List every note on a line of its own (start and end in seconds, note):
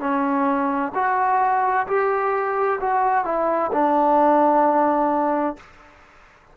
0.00 0.92 C#4
0.95 1.87 F#4
1.87 2.79 G4
2.81 3.25 F#4
3.25 3.71 E4
3.73 5.57 D4